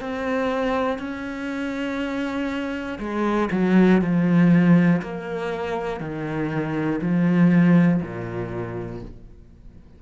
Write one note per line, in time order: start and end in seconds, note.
0.00 0.99 C4
0.99 2.99 C#4
3.00 3.50 G#3
3.52 4.02 F#3
4.02 5.02 F3
5.02 6.00 A#3
6.00 7.00 D#3
7.01 8.01 F3
8.02 9.02 A#2